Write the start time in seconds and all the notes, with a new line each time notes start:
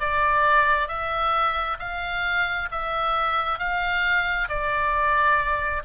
0.00 D5
0.88 E5
1.79 F5
2.71 E5
3.59 F5
4.49 D5